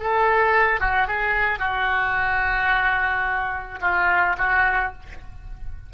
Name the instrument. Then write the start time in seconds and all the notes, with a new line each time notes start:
oboe
0.00 A4
0.80 F#4
1.07 G#4
1.59 F#4
3.81 F4
4.38 F#4